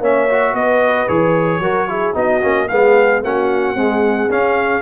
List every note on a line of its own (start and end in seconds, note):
0.00 0.54 A#3
0.00 0.29 C#4
0.00 0.54 C#5
0.00 0.55 E5
0.30 1.08 F#4
0.54 1.07 B3
0.54 1.62 B4
0.54 1.08 D#5
1.08 1.59 E3
1.08 1.62 G#4
1.08 2.16 C#5
1.59 2.13 F#3
1.59 1.89 F#4
1.59 1.89 A#4
1.89 2.14 E4
1.89 2.16 G#4
2.14 2.43 B3
2.14 2.41 D#4
2.14 2.69 F#4
2.14 2.69 D#5
2.41 2.70 A#3
2.41 2.68 C#4
2.69 3.23 G#3
2.69 3.24 B3
2.69 3.25 G#4
2.69 3.22 F5
3.23 3.75 A#3
3.23 3.76 C#4
3.23 3.77 F#4
3.23 4.32 F#5
3.75 4.30 G#3
3.75 4.28 C4
3.75 4.82 G#4
4.30 4.82 C#4
4.30 4.82 F5